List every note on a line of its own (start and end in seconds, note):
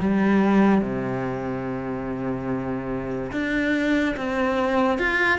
0.00 0.81 G3
0.81 3.31 C3
3.32 4.15 D4
4.17 4.98 C4
4.98 5.39 F4